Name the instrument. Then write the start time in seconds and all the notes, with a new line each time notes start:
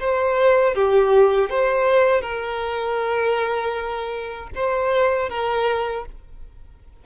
violin
0.00 C5
0.75 G4
1.50 C5
2.22 A#4
4.56 C5
5.30 A#4